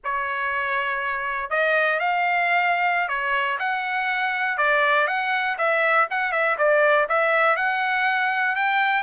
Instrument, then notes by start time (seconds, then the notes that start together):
trumpet
0.04 C#5
1.49 D#5
1.99 F5
3.08 C#5
3.59 F#5
4.57 D5
5.07 F#5
5.57 E5
6.10 F#5
6.31 E5
6.58 D5
7.08 E5
7.56 F#5
8.55 G5